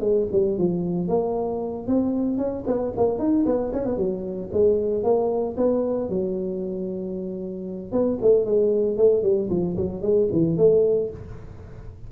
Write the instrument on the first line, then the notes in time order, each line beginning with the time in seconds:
tuba
0.00 G#3
0.32 G3
0.58 F3
1.08 A#3
1.87 C4
2.37 C#4
2.66 B3
2.97 A#3
3.19 D#4
3.45 B3
3.73 C#4
3.85 B3
3.97 F#3
4.53 G#3
5.03 A#3
5.57 B3
6.09 F#3
7.92 B3
8.21 A3
8.45 G#3
8.97 A3
9.22 G3
9.50 F3
9.77 F#3
10.02 G#3
10.32 E3
10.57 A3